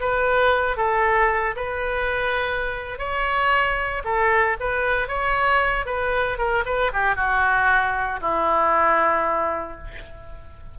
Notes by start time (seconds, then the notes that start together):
0.00 B4
0.77 A4
1.56 B4
2.99 C#5
4.05 A4
4.60 B4
5.08 C#5
5.86 B4
6.38 A#4
6.66 B4
6.93 G4
7.16 F#4
8.21 E4